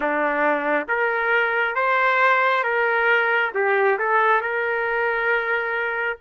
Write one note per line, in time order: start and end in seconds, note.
0.00 0.87 D4
0.88 1.75 A#4
1.75 2.63 C5
2.63 3.51 A#4
3.54 3.98 G4
3.99 4.41 A4
4.41 6.17 A#4